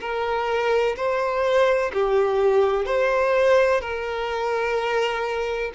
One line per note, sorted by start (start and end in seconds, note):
0.00 0.95 A#4
0.96 1.91 C5
1.93 2.85 G4
2.85 3.81 C5
3.81 5.71 A#4